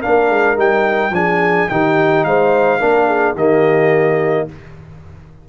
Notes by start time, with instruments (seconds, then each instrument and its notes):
0.00 trombone D4, horn A#4, trumpet F5
0.06 tuba A#3
0.30 tuba G#3
0.56 tuba G3, trombone D#4, trumpet G5
1.11 tuba F3, trombone D4, horn G#4, trumpet G#5
1.69 tuba D#3, trombone D#4, horn G4, trumpet G5
2.24 tuba G#3, horn C5, trumpet F5
2.80 tuba A#3, trombone D4, horn A#4
3.07 horn G#4
3.35 tuba D#3, trombone A#3, horn G4, trumpet D#5